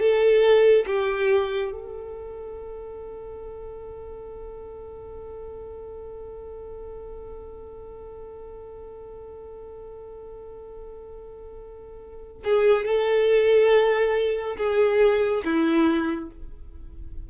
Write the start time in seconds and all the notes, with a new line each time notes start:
0.00 A4
0.86 G4
1.72 A4
12.45 G#4
12.86 A4
14.57 G#4
15.45 E4